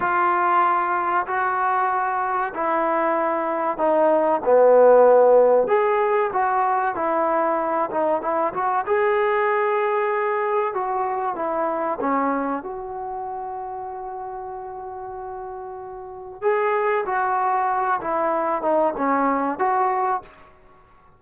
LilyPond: \new Staff \with { instrumentName = "trombone" } { \time 4/4 \tempo 4 = 95 f'2 fis'2 | e'2 dis'4 b4~ | b4 gis'4 fis'4 e'4~ | e'8 dis'8 e'8 fis'8 gis'2~ |
gis'4 fis'4 e'4 cis'4 | fis'1~ | fis'2 gis'4 fis'4~ | fis'8 e'4 dis'8 cis'4 fis'4 | }